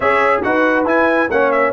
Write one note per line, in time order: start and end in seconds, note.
0.00 0.42 C#4
0.00 0.43 G#4
0.00 0.42 C#5
0.00 0.42 E5
0.42 0.85 D#4
0.42 0.85 F#4
0.42 1.31 B4
0.42 0.86 F#5
0.85 1.28 E4
0.85 1.29 E4
0.85 1.30 G#5
1.30 1.72 A#3
1.30 1.72 C#4
1.30 1.72 C#5
1.30 1.51 F#5
1.51 1.72 E5